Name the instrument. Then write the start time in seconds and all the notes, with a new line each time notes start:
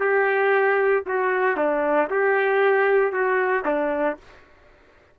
trumpet
0.00 G4
1.06 F#4
1.57 D4
2.10 G4
3.12 F#4
3.65 D4